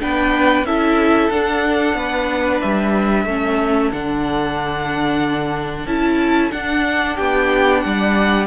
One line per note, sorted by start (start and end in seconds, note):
0.00 0.63 B3
0.00 0.65 D4
0.00 0.67 B4
0.00 0.66 G5
0.63 1.29 C#4
0.63 1.32 E4
0.63 1.97 A4
0.63 1.30 E5
1.30 1.94 D4
1.30 3.28 D4
1.30 2.61 F#5
1.94 2.59 B3
1.94 3.26 B4
2.61 3.26 G3
2.61 3.91 E5
3.26 3.91 A3
3.26 3.93 C#4
3.26 7.16 A4
3.93 5.86 D3
3.93 5.88 D4
3.93 5.87 F#5
5.86 6.51 C#4
5.86 6.51 E4
5.86 6.51 A5
6.51 8.47 D4
6.51 7.18 D4
6.51 7.17 F#5
7.16 7.84 B3
7.16 7.81 G4
7.16 7.81 G5
7.81 8.47 G3
7.81 8.47 D5
7.81 8.46 F#5